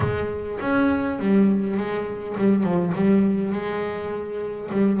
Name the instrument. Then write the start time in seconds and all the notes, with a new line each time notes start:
double bass
0.00 G#3
0.60 C#4
1.19 G3
1.77 G#3
2.37 G3
2.63 F3
2.94 G3
3.52 G#3
4.71 G3